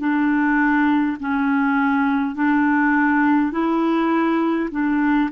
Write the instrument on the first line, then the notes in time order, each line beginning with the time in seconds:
clarinet
0.00 D4
1.20 C#4
2.35 D4
3.52 E4
4.71 D4